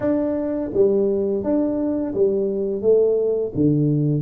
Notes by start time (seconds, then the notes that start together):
0.00 D4
0.73 G3
1.43 D4
2.14 G3
2.81 A3
3.54 D3